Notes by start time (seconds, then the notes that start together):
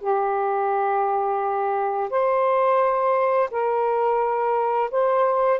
0.00 G4
2.10 C5
3.50 A#4
4.91 C5